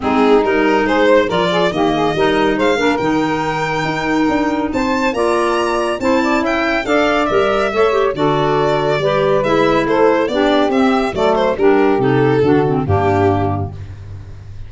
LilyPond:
<<
  \new Staff \with { instrumentName = "violin" } { \time 4/4 \tempo 4 = 140 gis'4 ais'4 c''4 d''4 | dis''2 f''4 g''4~ | g''2. a''4 | ais''2 a''4 g''4 |
f''4 e''2 d''4~ | d''2 e''4 c''4 | d''4 e''4 d''8 c''8 ais'4 | a'2 g'2 | }
  \new Staff \with { instrumentName = "saxophone" } { \time 4/4 dis'2 gis'8 c''8 ais'8 gis'8 | g'8 gis'8 ais'4 c''8 ais'4.~ | ais'2. c''4 | d''2 c''8 d''8 e''4 |
d''2 cis''4 a'4~ | a'4 b'2 a'4 | g'2 a'4 g'4~ | g'4 fis'4 d'2 | }
  \new Staff \with { instrumentName = "clarinet" } { \time 4/4 c'4 dis'2 f'4 | ais4 dis'4. d'8 dis'4~ | dis'1 | f'2 e'2 |
a'4 ais'4 a'8 g'8 fis'4~ | fis'4 g'4 e'2 | d'4 c'4 a4 d'4 | dis'4 d'8 c'8 ais2 | }
  \new Staff \with { instrumentName = "tuba" } { \time 4/4 gis4 g4 gis4 f4 | dis4 g4 gis8 ais8 dis4~ | dis4 dis'4 d'4 c'4 | ais2 c'4 cis'4 |
d'4 g4 a4 d4~ | d4 g4 gis4 a4 | b4 c'4 fis4 g4 | c4 d4 g,2 | }
>>